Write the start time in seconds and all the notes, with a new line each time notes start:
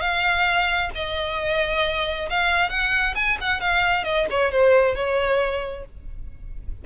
0.00 F5
0.95 D#5
2.30 F5
2.69 F#5
3.15 G#5
3.41 F#5
3.60 F5
4.04 D#5
4.30 C#5
4.51 C5
4.95 C#5